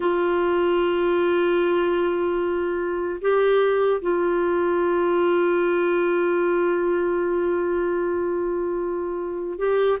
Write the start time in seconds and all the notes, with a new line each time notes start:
0.00 F4
3.21 G4
4.01 F4
9.58 G4